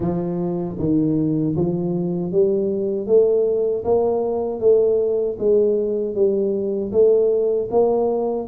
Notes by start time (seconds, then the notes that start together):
0.00 F3
0.78 D#3
1.56 F3
2.32 G3
3.07 A3
3.84 A#3
4.60 A3
5.38 G#3
6.14 G3
6.92 A3
7.71 A#3